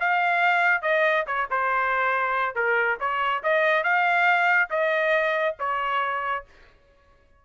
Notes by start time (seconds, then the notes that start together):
0.00 F5
0.82 D#5
1.27 C#5
1.50 C5
2.55 A#4
3.00 C#5
3.43 D#5
3.83 F5
4.70 D#5
5.59 C#5